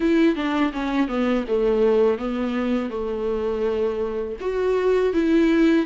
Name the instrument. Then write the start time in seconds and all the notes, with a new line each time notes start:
viola
0.00 E4
0.35 D4
0.72 C#4
1.08 B3
1.47 A3
2.18 B3
2.90 A3
4.40 F#4
5.13 E4